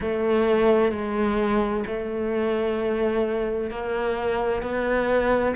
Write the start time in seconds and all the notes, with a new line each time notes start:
0.00 A3
0.91 G#3
1.87 A3
3.70 A#3
4.62 B3